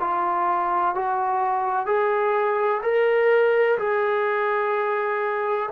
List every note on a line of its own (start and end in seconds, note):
0.00 0.95 F4
0.95 1.86 F#4
1.86 2.81 G#4
2.83 3.78 A#4
3.78 5.69 G#4